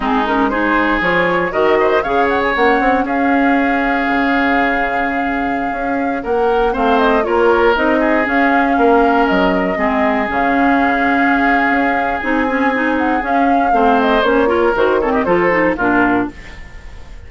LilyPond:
<<
  \new Staff \with { instrumentName = "flute" } { \time 4/4 \tempo 4 = 118 gis'8 ais'8 c''4 cis''4 dis''4 | f''8 fis''16 gis''16 fis''4 f''2~ | f''1~ | f''16 fis''4 f''8 dis''8 cis''4 dis''8.~ |
dis''16 f''2 dis''4.~ dis''16~ | dis''16 f''2.~ f''8. | gis''4. fis''8 f''4. dis''8 | cis''4 c''8 cis''16 dis''16 c''4 ais'4 | }
  \new Staff \with { instrumentName = "oboe" } { \time 4/4 dis'4 gis'2 ais'8 c''8 | cis''2 gis'2~ | gis'1~ | gis'16 ais'4 c''4 ais'4. gis'16~ |
gis'4~ gis'16 ais'2 gis'8.~ | gis'1~ | gis'2. c''4~ | c''8 ais'4 a'16 g'16 a'4 f'4 | }
  \new Staff \with { instrumentName = "clarinet" } { \time 4/4 c'8 cis'8 dis'4 f'4 fis'4 | gis'4 cis'2.~ | cis'1~ | cis'4~ cis'16 c'4 f'4 dis'8.~ |
dis'16 cis'2. c'8.~ | c'16 cis'2.~ cis'8. | dis'8 cis'8 dis'4 cis'4 c'4 | cis'8 f'8 fis'8 c'8 f'8 dis'8 d'4 | }
  \new Staff \with { instrumentName = "bassoon" } { \time 4/4 gis2 f4 dis4 | cis4 ais8 c'8 cis'2 | cis2.~ cis16 cis'8.~ | cis'16 ais4 a4 ais4 c'8.~ |
c'16 cis'4 ais4 fis4 gis8.~ | gis16 cis2~ cis8. cis'4 | c'2 cis'4 a4 | ais4 dis4 f4 ais,4 | }
>>